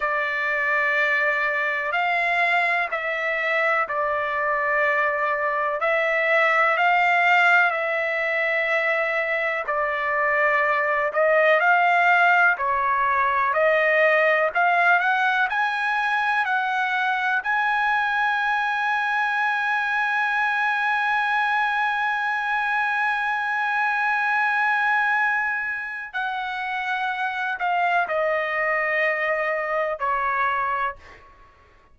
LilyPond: \new Staff \with { instrumentName = "trumpet" } { \time 4/4 \tempo 4 = 62 d''2 f''4 e''4 | d''2 e''4 f''4 | e''2 d''4. dis''8 | f''4 cis''4 dis''4 f''8 fis''8 |
gis''4 fis''4 gis''2~ | gis''1~ | gis''2. fis''4~ | fis''8 f''8 dis''2 cis''4 | }